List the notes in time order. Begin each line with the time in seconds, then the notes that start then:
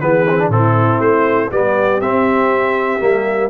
0.00 E3 B3 G#4 B4
0.29 C4
0.39 D4
0.49 A2 C4 E4 A4
1.00 A3 C5
1.51 G3 B3 G4 D5
2.01 C4 E5
3.00 G3 A#3